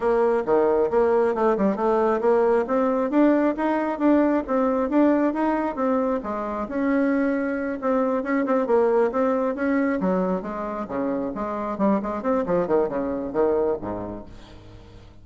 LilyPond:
\new Staff \with { instrumentName = "bassoon" } { \time 4/4 \tempo 4 = 135 ais4 dis4 ais4 a8 g8 | a4 ais4 c'4 d'4 | dis'4 d'4 c'4 d'4 | dis'4 c'4 gis4 cis'4~ |
cis'4. c'4 cis'8 c'8 ais8~ | ais8 c'4 cis'4 fis4 gis8~ | gis8 cis4 gis4 g8 gis8 c'8 | f8 dis8 cis4 dis4 gis,4 | }